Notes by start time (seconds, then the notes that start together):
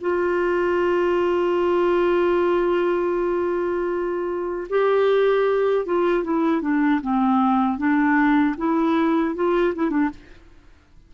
0.00 F4
4.69 G4
5.85 F4
6.23 E4
6.61 D4
7.01 C4
7.77 D4
8.57 E4
9.35 F4
9.75 E4
9.90 D4